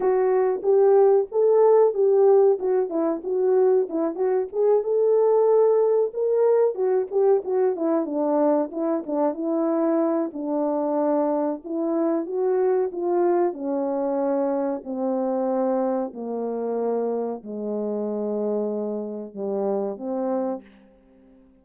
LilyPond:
\new Staff \with { instrumentName = "horn" } { \time 4/4 \tempo 4 = 93 fis'4 g'4 a'4 g'4 | fis'8 e'8 fis'4 e'8 fis'8 gis'8 a'8~ | a'4. ais'4 fis'8 g'8 fis'8 | e'8 d'4 e'8 d'8 e'4. |
d'2 e'4 fis'4 | f'4 cis'2 c'4~ | c'4 ais2 gis4~ | gis2 g4 c'4 | }